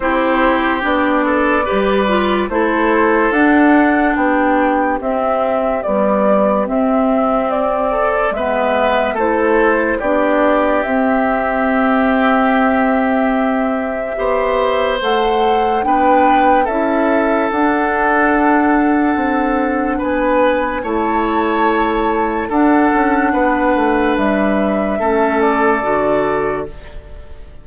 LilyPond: <<
  \new Staff \with { instrumentName = "flute" } { \time 4/4 \tempo 4 = 72 c''4 d''2 c''4 | fis''4 g''4 e''4 d''4 | e''4 d''4 e''4 c''4 | d''4 e''2.~ |
e''2 fis''4 g''4 | e''4 fis''2. | gis''4 a''2 fis''4~ | fis''4 e''4. d''4. | }
  \new Staff \with { instrumentName = "oboe" } { \time 4/4 g'4. a'8 b'4 a'4~ | a'4 g'2.~ | g'4. a'8 b'4 a'4 | g'1~ |
g'4 c''2 b'4 | a'1 | b'4 cis''2 a'4 | b'2 a'2 | }
  \new Staff \with { instrumentName = "clarinet" } { \time 4/4 e'4 d'4 g'8 f'8 e'4 | d'2 c'4 g4 | c'2 b4 e'4 | d'4 c'2.~ |
c'4 g'4 a'4 d'4 | e'4 d'2.~ | d'4 e'2 d'4~ | d'2 cis'4 fis'4 | }
  \new Staff \with { instrumentName = "bassoon" } { \time 4/4 c'4 b4 g4 a4 | d'4 b4 c'4 b4 | c'2 gis4 a4 | b4 c'2.~ |
c'4 b4 a4 b4 | cis'4 d'2 c'4 | b4 a2 d'8 cis'8 | b8 a8 g4 a4 d4 | }
>>